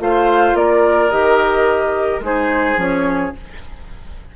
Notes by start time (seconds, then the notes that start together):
0.00 A3 F4 C5 F5
0.55 A#3 A#4 D5
1.10 D#3 G4 D#5
2.20 G#3 D#4 G#4 C5
2.77 F3 C#4 C#5